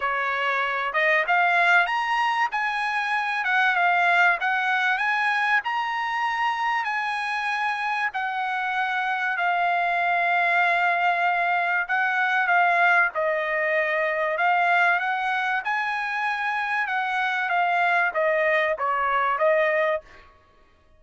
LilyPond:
\new Staff \with { instrumentName = "trumpet" } { \time 4/4 \tempo 4 = 96 cis''4. dis''8 f''4 ais''4 | gis''4. fis''8 f''4 fis''4 | gis''4 ais''2 gis''4~ | gis''4 fis''2 f''4~ |
f''2. fis''4 | f''4 dis''2 f''4 | fis''4 gis''2 fis''4 | f''4 dis''4 cis''4 dis''4 | }